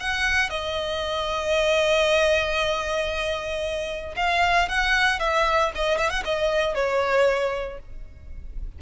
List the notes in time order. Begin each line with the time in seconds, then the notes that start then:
0.00 F#5
0.50 D#5
4.17 F5
4.69 F#5
5.20 E5
5.75 D#5
5.98 E5
6.10 F#5
6.25 D#5
6.75 C#5